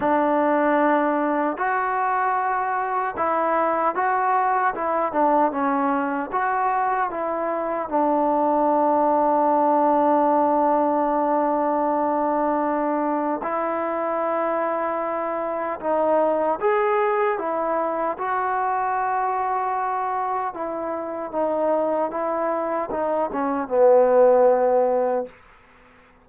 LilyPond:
\new Staff \with { instrumentName = "trombone" } { \time 4/4 \tempo 4 = 76 d'2 fis'2 | e'4 fis'4 e'8 d'8 cis'4 | fis'4 e'4 d'2~ | d'1~ |
d'4 e'2. | dis'4 gis'4 e'4 fis'4~ | fis'2 e'4 dis'4 | e'4 dis'8 cis'8 b2 | }